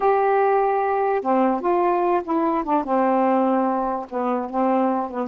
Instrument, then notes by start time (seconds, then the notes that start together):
saxophone
0.00 G4
1.21 C4
1.60 F4
2.24 E4
2.64 D4
2.84 C4
4.09 B3
4.50 C4
5.10 B3